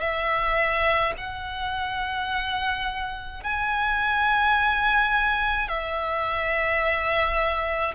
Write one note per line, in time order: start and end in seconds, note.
0.00 1.13 E5
1.17 3.43 F#5
3.43 5.68 G#5
5.68 7.95 E5